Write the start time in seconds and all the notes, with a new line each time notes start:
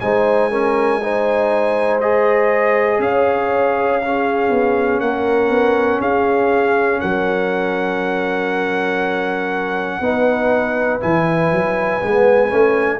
0.00 G#3 D#4 C5 G#5
0.51 C#4 A#4
1.02 D#4 C5
2.01 G#4 D#5
2.99 C#4 C#5 F5
4.04 C#4 G#4
4.50 B3
5.00 A#3 A#4 F#5
5.50 B3
6.01 C#4 G#4 F5
7.00 F#3 A#4 F#5
10.01 B3 D#4 B4
11.00 E3 E4 G#5
11.52 F#3
12.01 G#3 B3
12.50 A3 C#4